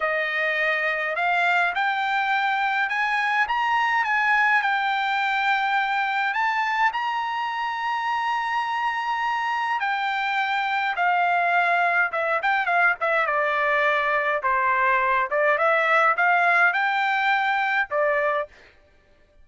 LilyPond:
\new Staff \with { instrumentName = "trumpet" } { \time 4/4 \tempo 4 = 104 dis''2 f''4 g''4~ | g''4 gis''4 ais''4 gis''4 | g''2. a''4 | ais''1~ |
ais''4 g''2 f''4~ | f''4 e''8 g''8 f''8 e''8 d''4~ | d''4 c''4. d''8 e''4 | f''4 g''2 d''4 | }